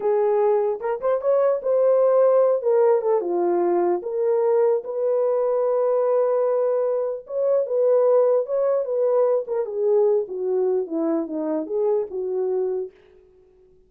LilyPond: \new Staff \with { instrumentName = "horn" } { \time 4/4 \tempo 4 = 149 gis'2 ais'8 c''8 cis''4 | c''2~ c''8 ais'4 a'8 | f'2 ais'2 | b'1~ |
b'2 cis''4 b'4~ | b'4 cis''4 b'4. ais'8 | gis'4. fis'4. e'4 | dis'4 gis'4 fis'2 | }